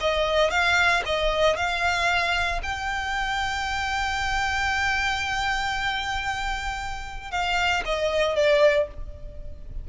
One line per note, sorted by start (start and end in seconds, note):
0.00 0.50 D#5
0.50 1.02 F5
1.06 1.56 D#5
1.56 2.61 F5
2.62 7.31 G5
7.31 7.83 F5
7.85 8.35 D#5
8.35 8.87 D5